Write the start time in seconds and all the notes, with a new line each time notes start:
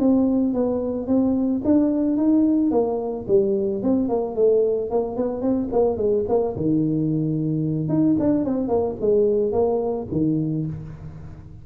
0.00 C4
0.54 B3
1.08 C4
1.65 D4
2.17 D#4
2.72 A#3
3.29 G3
3.83 C4
4.09 A#3
4.36 A3
4.91 A#3
5.17 B3
5.42 C4
5.73 A#3
5.98 G#3
6.29 A#3
6.57 D#3
7.89 D#4
8.20 D4
8.45 C4
8.69 A#3
9.01 G#3
9.53 A#3
10.12 D#3